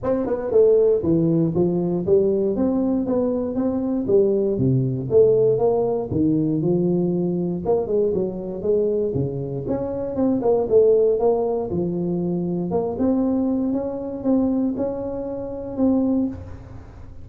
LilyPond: \new Staff \with { instrumentName = "tuba" } { \time 4/4 \tempo 4 = 118 c'8 b8 a4 e4 f4 | g4 c'4 b4 c'4 | g4 c4 a4 ais4 | dis4 f2 ais8 gis8 |
fis4 gis4 cis4 cis'4 | c'8 ais8 a4 ais4 f4~ | f4 ais8 c'4. cis'4 | c'4 cis'2 c'4 | }